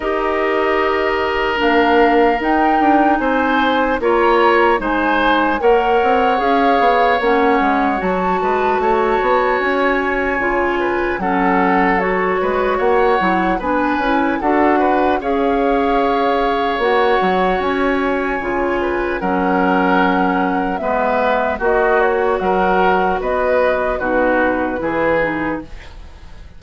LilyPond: <<
  \new Staff \with { instrumentName = "flute" } { \time 4/4 \tempo 4 = 75 dis''2 f''4 g''4 | gis''4 ais''4 gis''4 fis''4 | f''4 fis''4 a''2 | gis''2 fis''4 cis''4 |
fis''4 gis''4 fis''4 f''4~ | f''4 fis''4 gis''2 | fis''2 e''4 dis''8 cis''8 | fis''4 dis''4 b'2 | }
  \new Staff \with { instrumentName = "oboe" } { \time 4/4 ais'1 | c''4 cis''4 c''4 cis''4~ | cis''2~ cis''8 b'8 cis''4~ | cis''4. b'8 a'4. b'8 |
cis''4 b'4 a'8 b'8 cis''4~ | cis''2.~ cis''8 b'8 | ais'2 b'4 fis'4 | ais'4 b'4 fis'4 gis'4 | }
  \new Staff \with { instrumentName = "clarinet" } { \time 4/4 g'2 d'4 dis'4~ | dis'4 f'4 dis'4 ais'4 | gis'4 cis'4 fis'2~ | fis'4 f'4 cis'4 fis'4~ |
fis'8 e'8 d'8 e'8 fis'4 gis'4~ | gis'4 fis'2 f'4 | cis'2 b4 fis'4~ | fis'2 dis'4 e'8 dis'8 | }
  \new Staff \with { instrumentName = "bassoon" } { \time 4/4 dis'2 ais4 dis'8 d'8 | c'4 ais4 gis4 ais8 c'8 | cis'8 b8 ais8 gis8 fis8 gis8 a8 b8 | cis'4 cis4 fis4. gis8 |
ais8 fis8 b8 cis'8 d'4 cis'4~ | cis'4 ais8 fis8 cis'4 cis4 | fis2 gis4 ais4 | fis4 b4 b,4 e4 | }
>>